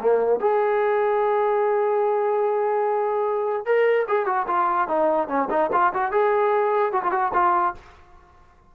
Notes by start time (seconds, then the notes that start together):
0.00 A#3
0.40 G#4
3.66 A#4
4.08 G#4
4.26 F#4
4.47 F4
4.88 D#4
5.28 C#4
5.50 D#4
5.72 F4
5.94 F#4
6.12 G#4
6.92 F#4
7.03 F4
7.12 F#4
7.34 F4